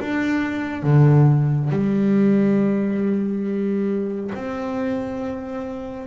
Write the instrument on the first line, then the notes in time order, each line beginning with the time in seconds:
double bass
0.00 D4
0.83 D3
1.70 G3
4.34 C4